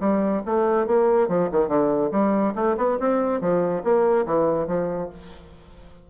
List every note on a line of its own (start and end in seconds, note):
0.00 0.42 G3
0.46 0.87 A3
0.87 1.28 A#3
1.28 1.49 F3
1.51 1.68 D#3
1.68 2.10 D3
2.12 2.54 G3
2.55 2.76 A3
2.77 2.98 B3
2.99 3.41 C4
3.41 3.83 F3
3.83 4.26 A#3
4.26 4.67 E3
4.67 5.09 F3